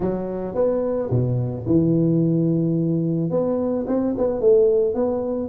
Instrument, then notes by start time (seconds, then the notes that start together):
tuba
0.00 F#3
0.55 B3
1.10 B2
1.66 E3
3.30 B3
3.87 C4
4.17 B3
4.40 A3
4.94 B3